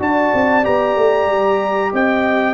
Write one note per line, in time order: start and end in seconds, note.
0.00 0.32 D4
0.00 0.64 F#4
0.00 1.93 D5
0.00 0.65 A5
0.34 0.66 C4
0.64 0.97 B3
0.64 2.55 G4
0.64 1.93 A#5
0.97 1.28 A3
1.28 1.91 G3
1.93 2.55 C4
1.93 2.55 D#5
1.93 2.55 G5